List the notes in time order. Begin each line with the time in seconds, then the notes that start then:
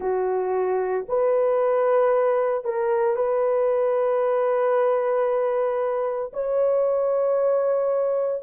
0.00 F#4
1.08 B4
2.64 A#4
3.16 B4
6.33 C#5